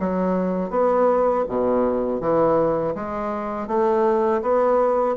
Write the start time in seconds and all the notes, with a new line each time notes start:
0.00 F#3
0.70 B3
1.48 B2
2.21 E3
2.95 G#3
3.67 A3
4.42 B3